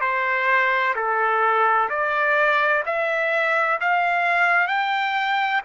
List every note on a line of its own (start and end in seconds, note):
0.00 0.94 C5
0.95 1.89 A4
1.89 2.83 D5
2.86 3.79 E5
3.80 4.67 F5
4.67 5.61 G5